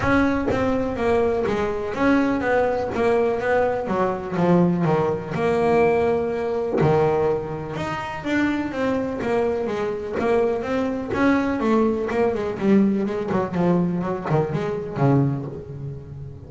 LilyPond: \new Staff \with { instrumentName = "double bass" } { \time 4/4 \tempo 4 = 124 cis'4 c'4 ais4 gis4 | cis'4 b4 ais4 b4 | fis4 f4 dis4 ais4~ | ais2 dis2 |
dis'4 d'4 c'4 ais4 | gis4 ais4 c'4 cis'4 | a4 ais8 gis8 g4 gis8 fis8 | f4 fis8 dis8 gis4 cis4 | }